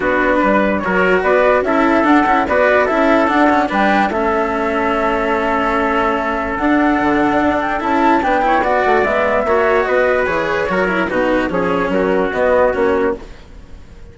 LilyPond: <<
  \new Staff \with { instrumentName = "flute" } { \time 4/4 \tempo 4 = 146 b'2 cis''4 d''4 | e''4 fis''4 d''4 e''4 | fis''4 g''4 e''2~ | e''1 |
fis''2~ fis''8 g''8 a''4 | g''4 fis''4 e''2 | dis''4 cis''2 b'4 | cis''4 ais'4 dis''4 cis''4 | }
  \new Staff \with { instrumentName = "trumpet" } { \time 4/4 fis'4 b'4 ais'4 b'4 | a'2 b'4 a'4~ | a'4 b'4 a'2~ | a'1~ |
a'1 | b'8 cis''8 d''2 cis''4 | b'2 ais'4 fis'4 | gis'4 fis'2. | }
  \new Staff \with { instrumentName = "cello" } { \time 4/4 d'2 fis'2 | e'4 d'8 e'8 fis'4 e'4 | d'8 cis'8 d'4 cis'2~ | cis'1 |
d'2. e'4 | d'8 e'8 fis'4 b4 fis'4~ | fis'4 gis'4 fis'8 e'8 dis'4 | cis'2 b4 cis'4 | }
  \new Staff \with { instrumentName = "bassoon" } { \time 4/4 b4 g4 fis4 b4 | cis'4 d'8 cis'8 b4 cis'4 | d'4 g4 a2~ | a1 |
d'4 d4 d'4 cis'4 | b4. a8 gis4 ais4 | b4 e4 fis4 b,4 | f4 fis4 b4 ais4 | }
>>